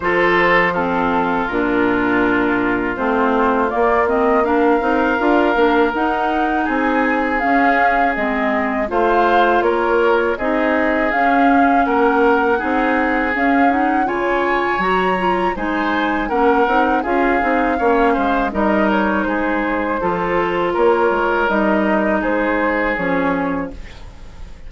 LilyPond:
<<
  \new Staff \with { instrumentName = "flute" } { \time 4/4 \tempo 4 = 81 c''4 a'4 ais'2 | c''4 d''8 dis''8 f''2 | fis''4 gis''4 f''4 dis''4 | f''4 cis''4 dis''4 f''4 |
fis''2 f''8 fis''8 gis''4 | ais''4 gis''4 fis''4 f''4~ | f''4 dis''8 cis''8 c''2 | cis''4 dis''4 c''4 cis''4 | }
  \new Staff \with { instrumentName = "oboe" } { \time 4/4 a'4 f'2.~ | f'2 ais'2~ | ais'4 gis'2. | c''4 ais'4 gis'2 |
ais'4 gis'2 cis''4~ | cis''4 c''4 ais'4 gis'4 | cis''8 c''8 ais'4 gis'4 a'4 | ais'2 gis'2 | }
  \new Staff \with { instrumentName = "clarinet" } { \time 4/4 f'4 c'4 d'2 | c'4 ais8 c'8 d'8 dis'8 f'8 d'8 | dis'2 cis'4 c'4 | f'2 dis'4 cis'4~ |
cis'4 dis'4 cis'8 dis'8 f'4 | fis'8 f'8 dis'4 cis'8 dis'8 f'8 dis'8 | cis'4 dis'2 f'4~ | f'4 dis'2 cis'4 | }
  \new Staff \with { instrumentName = "bassoon" } { \time 4/4 f2 ais,2 | a4 ais4. c'8 d'8 ais8 | dis'4 c'4 cis'4 gis4 | a4 ais4 c'4 cis'4 |
ais4 c'4 cis'4 cis4 | fis4 gis4 ais8 c'8 cis'8 c'8 | ais8 gis8 g4 gis4 f4 | ais8 gis8 g4 gis4 f4 | }
>>